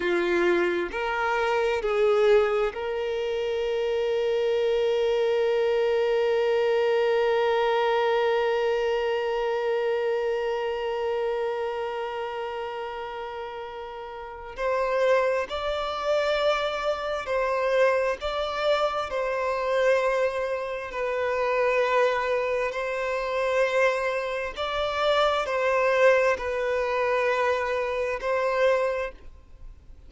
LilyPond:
\new Staff \with { instrumentName = "violin" } { \time 4/4 \tempo 4 = 66 f'4 ais'4 gis'4 ais'4~ | ais'1~ | ais'1~ | ais'1 |
c''4 d''2 c''4 | d''4 c''2 b'4~ | b'4 c''2 d''4 | c''4 b'2 c''4 | }